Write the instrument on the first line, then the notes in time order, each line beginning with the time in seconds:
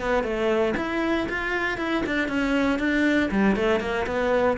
cello
0.00 B3
0.23 A3
0.76 E4
1.28 F4
1.78 E4
2.06 D4
2.28 C#4
2.79 D4
3.31 G3
3.55 A3
3.80 A#3
4.06 B3